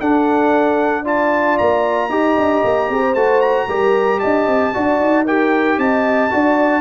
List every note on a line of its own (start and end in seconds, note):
0.00 1.59 D4
0.00 1.05 D4
0.00 1.03 A4
0.00 1.05 F#5
1.03 2.10 F4
1.03 2.08 D5
1.03 1.58 A5
1.58 2.09 A#3
1.58 3.14 A#5
2.09 2.36 D#4
2.09 3.15 G4
2.09 2.90 D#5
2.37 2.64 D4
2.64 2.89 A#3
2.89 3.15 C4
2.89 3.00 G#4
3.00 3.66 C5
3.14 3.67 A3
3.14 3.69 F#4
3.14 3.41 A5
3.41 4.20 A#5
3.68 4.21 G3
3.68 4.74 G4
3.68 4.20 A#4
4.20 4.47 D4
4.20 4.73 D#5
4.20 5.25 A5
4.47 4.74 C4
4.74 5.00 D4
4.74 5.26 F#4
4.74 5.25 D5
5.00 5.78 D#4
5.25 6.31 G4
5.25 5.78 A#4
5.25 5.79 G5
5.78 6.31 C4
5.78 6.33 D#5
5.78 6.81 A5
6.31 6.81 D4
6.31 6.81 F#4
6.31 6.81 D5